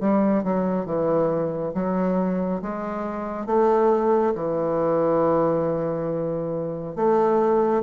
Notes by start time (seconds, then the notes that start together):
0.00 G3
0.43 F#3
0.85 E3
1.74 F#3
2.62 G#3
3.46 A3
4.35 E3
6.96 A3